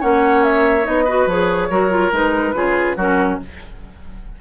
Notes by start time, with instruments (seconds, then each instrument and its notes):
0.00 bassoon A#3, clarinet C#4, oboe C#5, flute F#5
0.44 flute E5
0.83 bassoon B3, clarinet D#4, flute D#5
1.04 clarinet F#4, oboe B4
1.26 bassoon F3, clarinet G#4, flute C#5
1.70 bassoon F#3, clarinet F#4, oboe A#4
1.90 clarinet F4
2.12 bassoon G#3, clarinet D#4, flute B4
2.54 bassoon C#3, clarinet F4, oboe G#4
2.96 bassoon F#3, clarinet C#4, oboe F#4, flute A#4